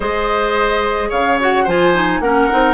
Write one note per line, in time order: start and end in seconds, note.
0.00 1.10 G#3
0.00 1.39 G#4
0.00 1.09 C5
0.00 1.11 D#5
1.09 1.66 C#3
1.09 1.63 C#5
1.09 1.38 F5
1.39 1.67 F#4
1.39 1.68 F#5
1.63 2.19 F3
1.63 1.94 F4
1.63 2.19 C5
1.63 2.20 G#5
1.94 2.22 D#4
2.19 2.47 A#3
2.19 2.50 C#4
2.19 2.73 A#4
2.19 2.73 F#5
2.50 2.73 C4
2.50 2.73 D#4